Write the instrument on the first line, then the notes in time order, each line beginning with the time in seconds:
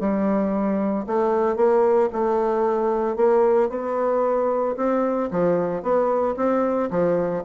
bassoon
0.00 G3
1.07 A3
1.57 A#3
2.13 A3
3.17 A#3
3.70 B3
4.77 C4
5.31 F3
5.83 B3
6.37 C4
6.91 F3